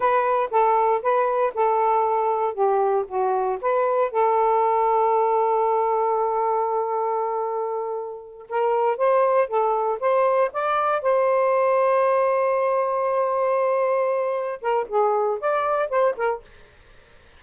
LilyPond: \new Staff \with { instrumentName = "saxophone" } { \time 4/4 \tempo 4 = 117 b'4 a'4 b'4 a'4~ | a'4 g'4 fis'4 b'4 | a'1~ | a'1~ |
a'8 ais'4 c''4 a'4 c''8~ | c''8 d''4 c''2~ c''8~ | c''1~ | c''8 ais'8 gis'4 d''4 c''8 ais'8 | }